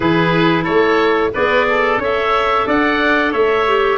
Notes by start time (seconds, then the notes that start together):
0.00 E3 E4 G#4 B4
0.63 A3 A4 C#5
1.33 B3 G#4 B4 D5
1.69 A4
1.97 C#4 A4 C#5 E5
2.66 D4 D5 F#5
3.31 A3 C#5 E5
3.67 G4